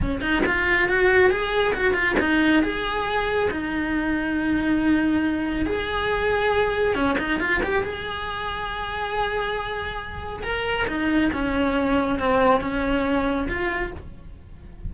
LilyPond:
\new Staff \with { instrumentName = "cello" } { \time 4/4 \tempo 4 = 138 cis'8 dis'8 f'4 fis'4 gis'4 | fis'8 f'8 dis'4 gis'2 | dis'1~ | dis'4 gis'2. |
cis'8 dis'8 f'8 g'8 gis'2~ | gis'1 | ais'4 dis'4 cis'2 | c'4 cis'2 f'4 | }